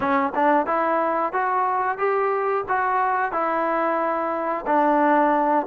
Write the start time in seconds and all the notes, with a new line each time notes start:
0.00 C#4
0.35 D4
0.66 E4
1.32 F#4
1.98 G4
2.68 F#4
3.32 E4
4.66 D4